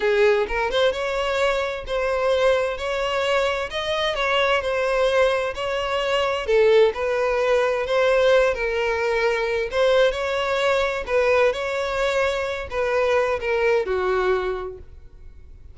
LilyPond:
\new Staff \with { instrumentName = "violin" } { \time 4/4 \tempo 4 = 130 gis'4 ais'8 c''8 cis''2 | c''2 cis''2 | dis''4 cis''4 c''2 | cis''2 a'4 b'4~ |
b'4 c''4. ais'4.~ | ais'4 c''4 cis''2 | b'4 cis''2~ cis''8 b'8~ | b'4 ais'4 fis'2 | }